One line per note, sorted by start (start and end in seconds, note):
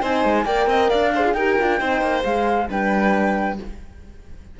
0.00 0.24 C4
0.00 0.45 D#4
0.00 0.44 C5
0.00 0.45 G#5
0.24 0.44 G#3
0.44 0.66 A#3
0.44 1.12 A#4
0.44 0.68 D5
0.44 0.89 G5
0.66 0.89 C4
0.66 0.90 D#5
0.89 1.34 D4
0.89 1.12 D5
0.89 1.33 F5
1.14 1.37 G#4
1.14 1.24 C5
1.24 1.34 F4
1.33 1.56 D#4
1.33 1.59 G4
1.33 1.78 A#4
1.33 2.22 G5
1.59 1.80 D4
1.59 1.79 F4
1.79 2.01 C4
1.79 2.22 D#4
1.79 2.67 C5
2.01 2.23 A#3
2.22 2.69 G#3
2.22 2.66 G#4
2.22 2.68 F5
2.69 3.59 G3
2.69 3.58 D4
2.69 3.58 B4
2.69 3.59 G5